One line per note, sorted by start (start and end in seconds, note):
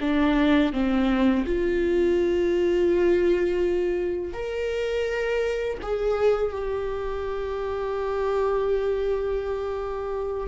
0.00 0.72 D4
0.72 1.45 C4
1.45 4.33 F4
4.33 5.77 A#4
5.82 6.51 G#4
6.51 10.47 G4